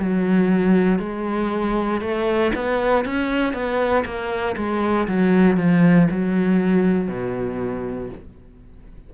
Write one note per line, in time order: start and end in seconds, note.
0.00 1.00 F#3
1.00 2.02 G#3
2.02 2.52 A3
2.55 3.06 B3
3.06 3.54 C#4
3.54 4.05 B3
4.05 4.56 A#3
4.57 5.08 G#3
5.08 5.58 F#3
5.58 6.09 F3
6.11 7.09 F#3
7.09 8.10 B2